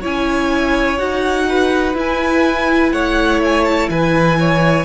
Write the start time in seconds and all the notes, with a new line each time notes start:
0.00 C#4 E4 C#5 G#5
0.98 D#4 F#4 F#5
1.48 B4
1.94 E4 G#5
2.91 A3 C#5 F#5
3.44 G#5
3.64 A5
3.89 E3 B4 G#5
4.39 C#5